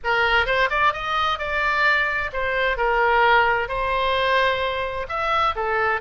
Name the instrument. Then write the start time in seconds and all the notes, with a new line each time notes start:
oboe
0.04 A#4
0.46 C5
0.70 D5
0.93 D#5
1.38 D5
2.32 C5
2.77 A#4
3.68 C5
5.08 E5
5.55 A4